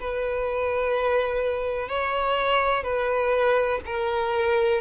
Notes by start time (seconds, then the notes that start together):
0.00 B4
1.89 C#5
2.83 B4
3.86 A#4